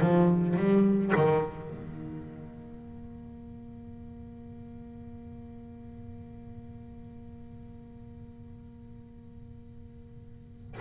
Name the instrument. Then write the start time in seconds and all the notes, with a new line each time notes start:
double bass
0.00 F3
0.56 G3
1.15 D#3
1.70 A#3